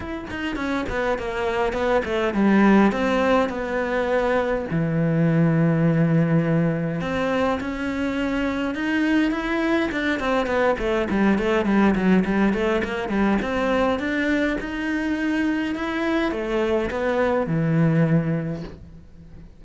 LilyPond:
\new Staff \with { instrumentName = "cello" } { \time 4/4 \tempo 4 = 103 e'8 dis'8 cis'8 b8 ais4 b8 a8 | g4 c'4 b2 | e1 | c'4 cis'2 dis'4 |
e'4 d'8 c'8 b8 a8 g8 a8 | g8 fis8 g8 a8 ais8 g8 c'4 | d'4 dis'2 e'4 | a4 b4 e2 | }